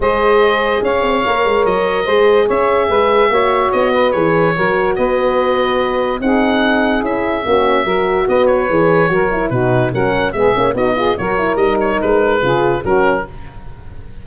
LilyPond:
<<
  \new Staff \with { instrumentName = "oboe" } { \time 4/4 \tempo 4 = 145 dis''2 f''2 | dis''2 e''2~ | e''4 dis''4 cis''2 | dis''2. fis''4~ |
fis''4 e''2. | dis''8 cis''2~ cis''8 b'4 | fis''4 e''4 dis''4 cis''4 | dis''8 cis''8 b'2 ais'4 | }
  \new Staff \with { instrumentName = "saxophone" } { \time 4/4 c''2 cis''2~ | cis''4 c''4 cis''4 b'4 | cis''4. b'4. ais'4 | b'2. gis'4~ |
gis'2 fis'4 ais'4 | b'2 ais'4 fis'4 | ais'4 gis'4 fis'8 gis'8 ais'4~ | ais'2 gis'4 fis'4 | }
  \new Staff \with { instrumentName = "horn" } { \time 4/4 gis'2. ais'4~ | ais'4 gis'2. | fis'2 gis'4 fis'4~ | fis'2. dis'4~ |
dis'4 e'4 cis'4 fis'4~ | fis'4 gis'4 fis'8 e'8 dis'4 | cis'4 b8 cis'8 dis'8 f'8 fis'8 e'8 | dis'2 f'4 cis'4 | }
  \new Staff \with { instrumentName = "tuba" } { \time 4/4 gis2 cis'8 c'8 ais8 gis8 | fis4 gis4 cis'4 gis4 | ais4 b4 e4 fis4 | b2. c'4~ |
c'4 cis'4 ais4 fis4 | b4 e4 fis4 b,4 | fis4 gis8 ais8 b4 fis4 | g4 gis4 cis4 fis4 | }
>>